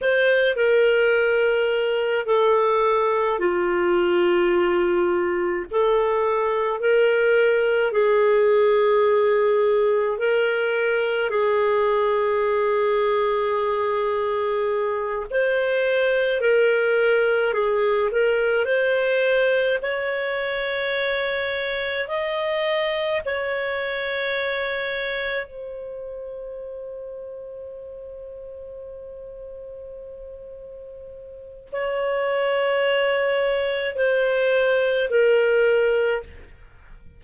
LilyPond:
\new Staff \with { instrumentName = "clarinet" } { \time 4/4 \tempo 4 = 53 c''8 ais'4. a'4 f'4~ | f'4 a'4 ais'4 gis'4~ | gis'4 ais'4 gis'2~ | gis'4. c''4 ais'4 gis'8 |
ais'8 c''4 cis''2 dis''8~ | dis''8 cis''2 c''4.~ | c''1 | cis''2 c''4 ais'4 | }